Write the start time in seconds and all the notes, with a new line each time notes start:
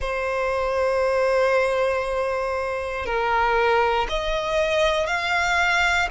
0.00 C5
3.05 A#4
4.09 D#5
5.06 F5